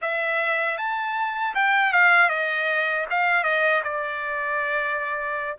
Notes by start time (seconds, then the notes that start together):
0.01 E5
0.77 A5
1.54 G5
1.92 F5
2.29 D#5
3.10 F5
3.43 D#5
3.83 D5